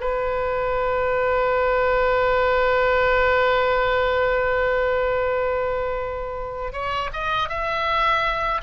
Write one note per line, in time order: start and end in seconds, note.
0.00 6.73 B4
6.73 7.10 C#5
7.13 7.49 D#5
7.49 8.61 E5